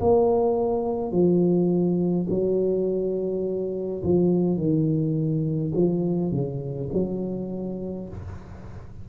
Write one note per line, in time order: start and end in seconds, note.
0.00 1.11 A#3
1.11 2.27 F3
2.30 4.03 F#3
4.03 4.57 F3
4.57 5.73 D#3
5.75 6.31 F3
6.31 6.89 C#3
6.93 8.09 F#3